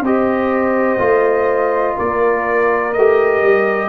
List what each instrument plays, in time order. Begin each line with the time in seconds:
0.00 tuba C4, trombone G4, horn C5, trumpet D#5
0.98 tuba A3, trombone F4
1.96 tuba A#3, horn A#4, trumpet D5
2.93 tuba A3, trombone G4, trumpet D#5
3.42 tuba G3